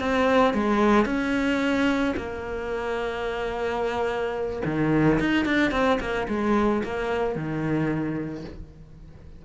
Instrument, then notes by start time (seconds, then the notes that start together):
cello
0.00 C4
0.54 G#3
1.06 C#4
2.17 A#3
4.65 D#3
5.20 D#4
5.46 D4
5.72 C4
6.00 A#3
6.29 G#3
6.84 A#3
7.36 D#3